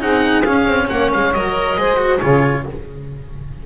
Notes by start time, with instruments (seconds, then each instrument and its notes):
0.00 double bass C4, cello D#4, saxophone G#4, oboe F#5
0.45 cello C#4, double bass C#4, oboe F5
0.67 double bass C4
0.89 double bass A#3, saxophone C#5, oboe F#5
1.13 double bass G#3, oboe F5
1.34 double bass F#3, cello A#4, oboe D#5
1.77 double bass G#3, cello G#4, saxophone C5
1.97 cello F#4
2.20 double bass C#3, cello F4, saxophone G#4, oboe C#5